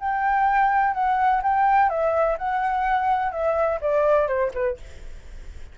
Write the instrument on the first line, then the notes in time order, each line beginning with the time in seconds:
flute
0.00 G5
0.94 F#5
1.43 G5
1.90 E5
2.38 F#5
3.32 E5
3.82 D5
4.28 C5
4.54 B4